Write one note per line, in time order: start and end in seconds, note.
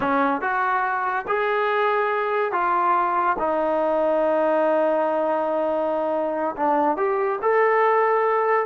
0.00 0.41 C#4
0.41 1.25 F#4
1.27 2.51 G#4
2.51 3.36 F4
3.38 6.55 D#4
6.56 6.97 D4
6.97 7.39 G4
7.42 8.66 A4